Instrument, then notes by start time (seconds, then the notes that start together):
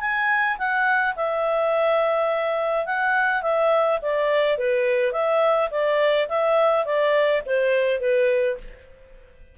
clarinet
0.00 G#5
0.58 F#5
1.16 E5
2.85 F#5
3.42 E5
4.02 D5
4.58 B4
5.12 E5
5.70 D5
6.28 E5
6.85 D5
7.46 C5
8.00 B4